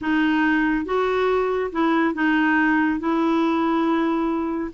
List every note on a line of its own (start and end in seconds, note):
0.01 0.85 D#4
0.85 1.70 F#4
1.71 2.14 E4
2.14 2.99 D#4
2.99 4.71 E4